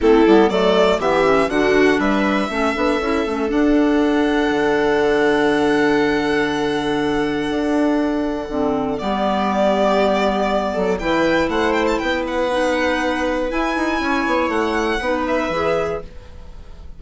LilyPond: <<
  \new Staff \with { instrumentName = "violin" } { \time 4/4 \tempo 4 = 120 a'4 d''4 e''4 fis''4 | e''2. fis''4~ | fis''1~ | fis''1~ |
fis''2 d''2~ | d''2 g''4 fis''8 g''16 a''16 | g''8 fis''2~ fis''8 gis''4~ | gis''4 fis''4. e''4. | }
  \new Staff \with { instrumentName = "viola" } { \time 4/4 e'4 a'4 g'4 fis'4 | b'4 a'2.~ | a'1~ | a'1~ |
a'2 g'2~ | g'4. a'8 b'4 c''4 | b'1 | cis''2 b'2 | }
  \new Staff \with { instrumentName = "clarinet" } { \time 4/4 c'8 b8 a4 b8 cis'8 d'4~ | d'4 cis'8 d'8 e'8 cis'8 d'4~ | d'1~ | d'1~ |
d'4 c'4 b2~ | b2 e'2~ | e'4 dis'2 e'4~ | e'2 dis'4 gis'4 | }
  \new Staff \with { instrumentName = "bassoon" } { \time 4/4 a8 g8 fis4 e4 d4 | g4 a8 b8 cis'8 a8 d'4~ | d'4 d2.~ | d2. d'4~ |
d'4 d4 g2~ | g4. fis8 e4 a4 | b2. e'8 dis'8 | cis'8 b8 a4 b4 e4 | }
>>